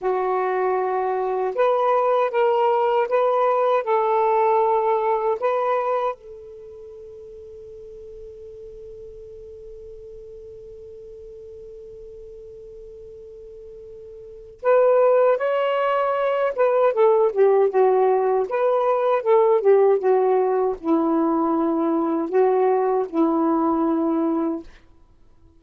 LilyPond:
\new Staff \with { instrumentName = "saxophone" } { \time 4/4 \tempo 4 = 78 fis'2 b'4 ais'4 | b'4 a'2 b'4 | a'1~ | a'1~ |
a'2. b'4 | cis''4. b'8 a'8 g'8 fis'4 | b'4 a'8 g'8 fis'4 e'4~ | e'4 fis'4 e'2 | }